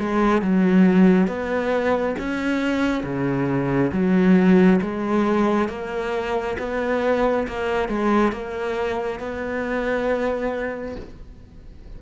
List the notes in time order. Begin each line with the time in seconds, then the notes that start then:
0.00 G#3
0.43 F#3
1.28 B3
2.19 C#4
3.04 C#3
3.93 F#3
4.82 G#3
5.69 A#3
6.59 B3
7.48 A#3
7.89 G#3
8.33 A#3
9.20 B3